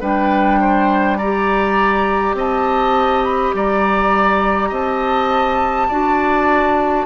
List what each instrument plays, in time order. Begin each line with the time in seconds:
0.00 bassoon G3, clarinet D4, oboe B4, flute G5
0.60 oboe C5
1.17 clarinet G4, oboe D5, flute A#5
2.34 bassoon C4, oboe D#5, flute A5
3.24 flute B5
3.54 bassoon G3, oboe D5, flute A#5
4.69 bassoon C4, oboe D#5, flute A5
5.88 bassoon D4, clarinet F#4, oboe D5